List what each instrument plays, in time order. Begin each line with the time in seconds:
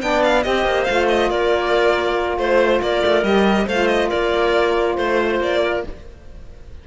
0.00 cello B3, saxophone D4, clarinet D5, violin G5
0.23 violin F5
0.42 cello C4, saxophone G4, clarinet C5, violin D#5
0.65 cello A#3
0.84 cello A3, saxophone F4, violin F5
1.08 violin D#5
1.30 cello A#3, clarinet A#4, violin D5
2.37 cello A3, violin C5, clarinet C5
2.81 cello A#3, clarinet A#4, violin D5
3.06 cello A3
3.23 cello G3, saxophone G4, violin D#5
3.65 cello A3, saxophone F4, clarinet C5, violin F5
3.87 violin D#5
4.09 cello A#3, clarinet A#4, violin D5
4.95 cello A3, clarinet C5, violin C5
5.40 cello A#3, violin D5
5.62 clarinet A#4